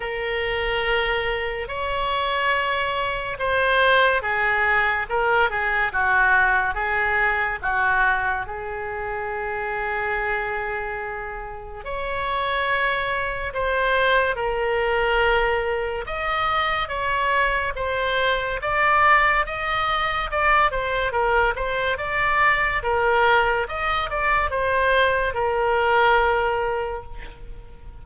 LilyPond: \new Staff \with { instrumentName = "oboe" } { \time 4/4 \tempo 4 = 71 ais'2 cis''2 | c''4 gis'4 ais'8 gis'8 fis'4 | gis'4 fis'4 gis'2~ | gis'2 cis''2 |
c''4 ais'2 dis''4 | cis''4 c''4 d''4 dis''4 | d''8 c''8 ais'8 c''8 d''4 ais'4 | dis''8 d''8 c''4 ais'2 | }